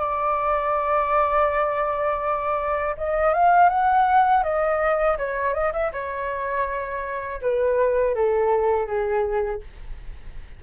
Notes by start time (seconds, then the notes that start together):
0.00 D5
2.98 D#5
3.34 F5
3.70 F#5
4.44 D#5
5.19 C#5
5.55 D#5
5.73 E5
5.93 C#5
7.42 B4
8.15 A4
8.87 G#4